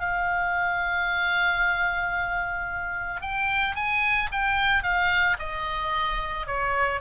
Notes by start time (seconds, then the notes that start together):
0.00 F5
3.22 G5
3.76 G#5
4.32 G5
4.83 F5
5.39 D#5
6.47 C#5